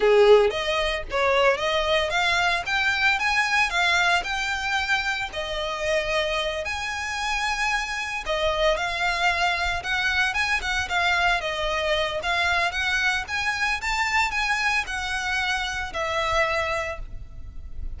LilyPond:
\new Staff \with { instrumentName = "violin" } { \time 4/4 \tempo 4 = 113 gis'4 dis''4 cis''4 dis''4 | f''4 g''4 gis''4 f''4 | g''2 dis''2~ | dis''8 gis''2. dis''8~ |
dis''8 f''2 fis''4 gis''8 | fis''8 f''4 dis''4. f''4 | fis''4 gis''4 a''4 gis''4 | fis''2 e''2 | }